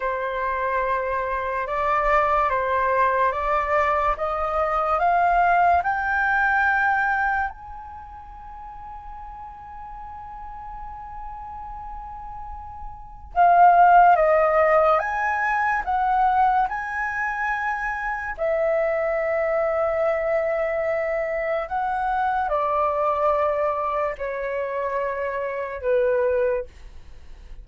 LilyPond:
\new Staff \with { instrumentName = "flute" } { \time 4/4 \tempo 4 = 72 c''2 d''4 c''4 | d''4 dis''4 f''4 g''4~ | g''4 gis''2.~ | gis''1 |
f''4 dis''4 gis''4 fis''4 | gis''2 e''2~ | e''2 fis''4 d''4~ | d''4 cis''2 b'4 | }